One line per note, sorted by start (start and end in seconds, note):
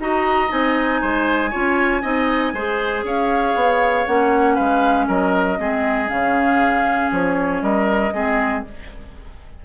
0.00 0.51 D#4
0.00 0.48 F#4
0.00 1.01 D#5
0.00 0.52 A#5
0.48 1.03 C4
0.48 1.50 D#4
0.48 3.06 G#5
1.01 1.53 G#3
1.01 1.51 C5
1.51 2.03 C#4
1.51 2.02 F4
1.51 2.02 C#5
2.02 2.53 C4
2.02 2.53 D#4
2.02 2.53 D#5
2.53 3.04 G#3
2.53 4.06 G#4
2.53 3.05 C5
3.04 3.55 C#4
3.04 4.55 C#5
3.04 4.07 F5
3.55 4.06 B3
4.06 4.59 A#3
4.06 5.58 C#4
4.06 4.56 F#5
4.55 5.08 G#3
4.55 5.06 B4
4.55 5.07 F5
5.08 5.59 F#3
5.08 5.59 A#4
5.08 6.09 D#5
5.58 6.10 G#3
5.58 6.08 C4
5.58 7.63 G#4
6.08 7.12 C#3
6.08 8.11 C#4
6.08 7.11 F5
7.12 7.62 F3
7.12 7.63 C#5
7.62 8.13 G3
7.62 8.14 A#4
7.62 8.64 D#5
8.14 8.65 G#3
8.14 8.65 C4
8.14 8.65 G#4